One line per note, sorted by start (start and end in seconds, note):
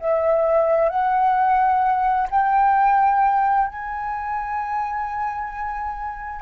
0.00 0.89 E5
0.89 2.27 F#5
2.30 3.68 G5
3.68 6.42 G#5